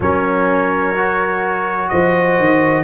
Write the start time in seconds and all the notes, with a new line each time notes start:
0.00 F#3 C#4 A#4 C#5
0.95 F#4
1.88 F3 C5 D#5
2.39 D#3